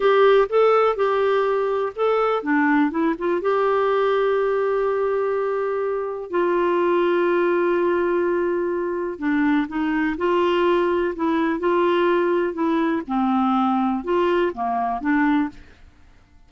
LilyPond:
\new Staff \with { instrumentName = "clarinet" } { \time 4/4 \tempo 4 = 124 g'4 a'4 g'2 | a'4 d'4 e'8 f'8 g'4~ | g'1~ | g'4 f'2.~ |
f'2. d'4 | dis'4 f'2 e'4 | f'2 e'4 c'4~ | c'4 f'4 ais4 d'4 | }